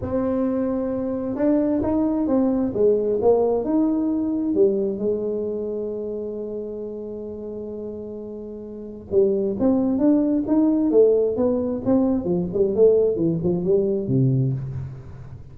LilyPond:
\new Staff \with { instrumentName = "tuba" } { \time 4/4 \tempo 4 = 132 c'2. d'4 | dis'4 c'4 gis4 ais4 | dis'2 g4 gis4~ | gis1~ |
gis1 | g4 c'4 d'4 dis'4 | a4 b4 c'4 f8 g8 | a4 e8 f8 g4 c4 | }